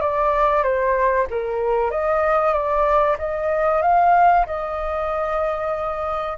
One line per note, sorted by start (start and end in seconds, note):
0.00 0.63 D5
0.63 1.26 C5
1.30 1.90 A#4
1.90 2.53 D#5
2.53 3.17 D5
3.18 3.82 D#5
3.82 4.46 F5
4.46 6.37 D#5